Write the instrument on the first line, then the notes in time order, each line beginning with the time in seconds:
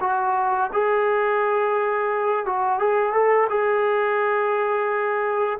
trombone
0.00 F#4
0.72 G#4
2.45 F#4
2.79 G#4
3.12 A4
3.49 G#4